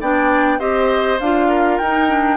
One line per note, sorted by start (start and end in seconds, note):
0.00 0.59 B3
0.00 0.59 D4
0.00 0.58 D5
0.00 0.59 G5
0.58 1.19 C4
0.58 1.18 G4
0.58 1.47 C5
0.58 1.19 D#5
1.19 1.79 D4
1.19 1.82 F4
1.19 1.78 F5
1.48 2.37 A#4
1.78 2.37 D#4
1.78 2.08 D#4
1.78 2.37 G5
2.08 2.37 D4